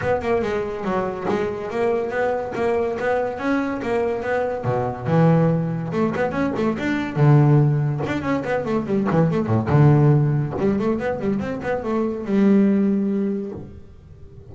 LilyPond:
\new Staff \with { instrumentName = "double bass" } { \time 4/4 \tempo 4 = 142 b8 ais8 gis4 fis4 gis4 | ais4 b4 ais4 b4 | cis'4 ais4 b4 b,4 | e2 a8 b8 cis'8 a8 |
d'4 d2 d'8 cis'8 | b8 a8 g8 e8 a8 a,8 d4~ | d4 g8 a8 b8 g8 c'8 b8 | a4 g2. | }